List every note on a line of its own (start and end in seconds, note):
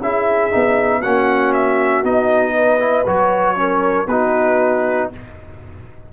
0.00 0.51 C#4
0.00 0.51 E4
0.00 1.01 G#4
0.00 1.02 E5
0.51 1.05 B3
0.51 1.02 D#4
1.01 2.03 A#3
1.01 2.04 C#4
1.01 2.53 F#4
1.01 1.53 F#5
1.53 2.04 E5
2.03 3.05 B3
2.03 2.79 D#4
2.03 3.07 D#5
2.53 3.55 B4
2.79 3.05 E4
3.06 4.07 F#3
3.06 3.56 F#4
3.06 4.08 C#5
3.56 4.07 C#4
3.56 4.09 A#4
4.07 5.08 B3
4.07 5.12 D#4
4.07 5.10 F#4
4.07 5.10 B4